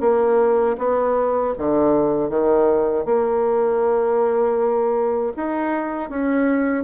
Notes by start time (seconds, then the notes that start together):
0.00 A#3
0.78 B3
1.57 D3
2.29 D#3
3.05 A#3
5.36 D#4
6.09 C#4